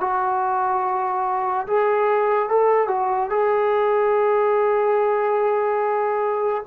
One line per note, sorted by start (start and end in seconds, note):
0.00 1.67 F#4
1.67 2.49 G#4
2.49 2.88 A4
2.88 3.30 F#4
3.30 6.63 G#4